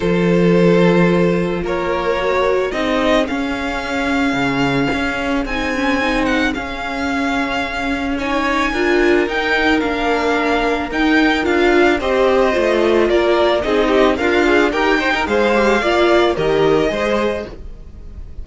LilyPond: <<
  \new Staff \with { instrumentName = "violin" } { \time 4/4 \tempo 4 = 110 c''2. cis''4~ | cis''4 dis''4 f''2~ | f''2 gis''4. fis''8 | f''2. gis''4~ |
gis''4 g''4 f''2 | g''4 f''4 dis''2 | d''4 dis''4 f''4 g''4 | f''2 dis''2 | }
  \new Staff \with { instrumentName = "violin" } { \time 4/4 a'2. ais'4~ | ais'4 gis'2.~ | gis'1~ | gis'2. cis''4 |
ais'1~ | ais'2 c''2 | ais'4 gis'8 g'8 f'4 ais'8 c''16 ais'16 | c''4 d''4 ais'4 c''4 | }
  \new Staff \with { instrumentName = "viola" } { \time 4/4 f'1 | fis'4 dis'4 cis'2~ | cis'2 dis'8 cis'8 dis'4 | cis'2. dis'4 |
f'4 dis'4 d'2 | dis'4 f'4 g'4 f'4~ | f'4 dis'4 ais'8 gis'8 g'8 dis'8 | gis'8 g'8 f'4 g'4 gis'4 | }
  \new Staff \with { instrumentName = "cello" } { \time 4/4 f2. ais4~ | ais4 c'4 cis'2 | cis4 cis'4 c'2 | cis'1 |
d'4 dis'4 ais2 | dis'4 d'4 c'4 a4 | ais4 c'4 d'4 dis'4 | gis4 ais4 dis4 gis4 | }
>>